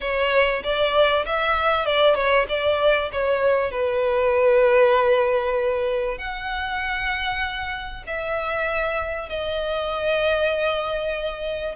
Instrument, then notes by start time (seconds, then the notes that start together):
violin
0.01 C#5
0.63 D5
1.25 E5
1.85 D5
2.15 C#5
2.48 D5
3.12 C#5
3.71 B4
6.18 F#5
8.06 E5
9.29 D#5